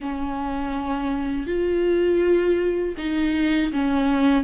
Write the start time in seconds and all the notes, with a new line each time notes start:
0.00 C#4
1.46 F4
2.97 D#4
3.72 C#4